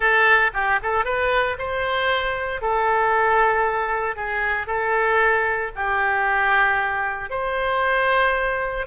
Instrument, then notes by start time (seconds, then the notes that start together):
oboe
0.00 A4
0.53 G4
0.82 A4
1.04 B4
1.58 C5
2.61 A4
4.16 G#4
4.66 A4
5.75 G4
7.29 C5